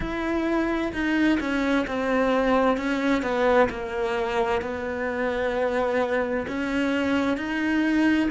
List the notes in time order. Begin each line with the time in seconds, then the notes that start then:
0.00 E4
0.92 D#4
1.40 C#4
1.87 C4
2.77 C#4
3.22 B3
3.69 A#3
4.61 B3
6.47 C#4
7.37 D#4